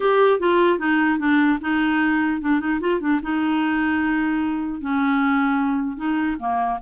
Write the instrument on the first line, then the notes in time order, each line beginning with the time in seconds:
clarinet
0.00 G4
0.39 F4
0.78 D#4
1.18 D4
1.61 D#4
2.41 D4
2.60 D#4
2.80 F4
3.00 D4
3.22 D#4
4.80 C#4
5.97 D#4
6.39 A#3